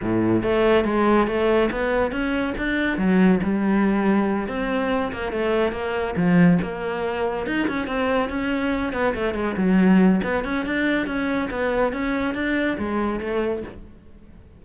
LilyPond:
\new Staff \with { instrumentName = "cello" } { \time 4/4 \tempo 4 = 141 a,4 a4 gis4 a4 | b4 cis'4 d'4 fis4 | g2~ g8 c'4. | ais8 a4 ais4 f4 ais8~ |
ais4. dis'8 cis'8 c'4 cis'8~ | cis'4 b8 a8 gis8 fis4. | b8 cis'8 d'4 cis'4 b4 | cis'4 d'4 gis4 a4 | }